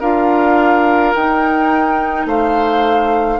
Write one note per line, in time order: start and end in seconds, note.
0.00 1.14 D4
0.00 1.15 F4
0.00 2.26 A#4
0.00 1.14 F5
1.15 2.26 D#4
1.15 3.40 D#4
1.15 2.28 G5
2.26 3.39 A3
2.26 3.40 C5
2.26 3.40 F5